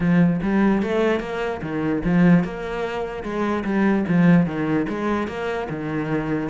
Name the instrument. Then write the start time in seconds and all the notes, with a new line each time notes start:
cello
0.00 F3
0.42 G3
0.82 A3
1.20 A#3
1.61 D#3
2.04 F3
2.43 A#3
3.23 G#3
3.64 G3
4.07 F3
4.45 D#3
4.89 G#3
5.27 A#3
5.69 D#3